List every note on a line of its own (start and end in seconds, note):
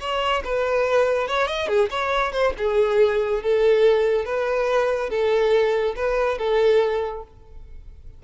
0.00 0.43 C#5
0.44 1.28 B4
1.28 1.47 C#5
1.47 1.68 D#5
1.68 1.89 G#4
1.90 2.32 C#5
2.32 2.54 C5
2.58 3.43 G#4
3.43 4.25 A4
4.25 5.10 B4
5.10 5.95 A4
5.96 6.38 B4
6.38 7.23 A4